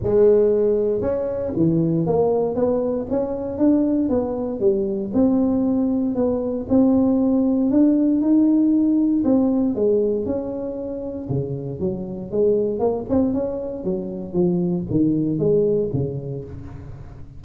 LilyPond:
\new Staff \with { instrumentName = "tuba" } { \time 4/4 \tempo 4 = 117 gis2 cis'4 e4 | ais4 b4 cis'4 d'4 | b4 g4 c'2 | b4 c'2 d'4 |
dis'2 c'4 gis4 | cis'2 cis4 fis4 | gis4 ais8 c'8 cis'4 fis4 | f4 dis4 gis4 cis4 | }